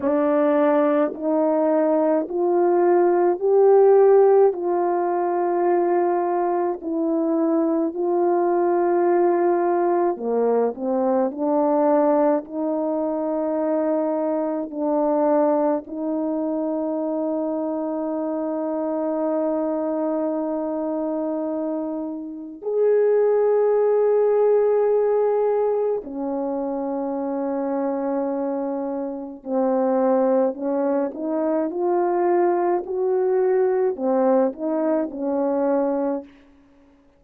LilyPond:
\new Staff \with { instrumentName = "horn" } { \time 4/4 \tempo 4 = 53 d'4 dis'4 f'4 g'4 | f'2 e'4 f'4~ | f'4 ais8 c'8 d'4 dis'4~ | dis'4 d'4 dis'2~ |
dis'1 | gis'2. cis'4~ | cis'2 c'4 cis'8 dis'8 | f'4 fis'4 c'8 dis'8 cis'4 | }